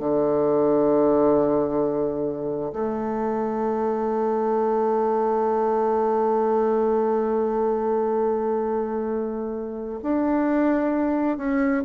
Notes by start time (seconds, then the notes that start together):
0.00 D3
2.73 A3
10.03 D4
11.38 C#4